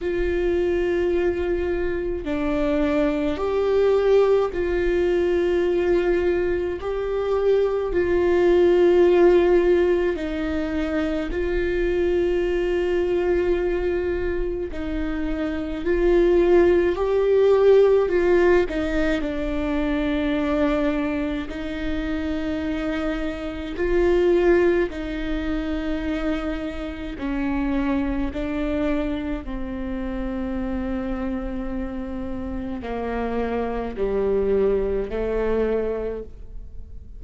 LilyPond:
\new Staff \with { instrumentName = "viola" } { \time 4/4 \tempo 4 = 53 f'2 d'4 g'4 | f'2 g'4 f'4~ | f'4 dis'4 f'2~ | f'4 dis'4 f'4 g'4 |
f'8 dis'8 d'2 dis'4~ | dis'4 f'4 dis'2 | cis'4 d'4 c'2~ | c'4 ais4 g4 a4 | }